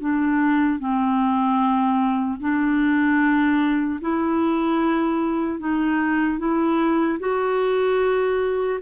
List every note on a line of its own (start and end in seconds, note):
0.00 0.79 D4
0.79 2.39 C4
2.40 4.00 D4
4.01 5.59 E4
5.59 6.39 D#4
6.39 7.19 E4
7.19 8.79 F#4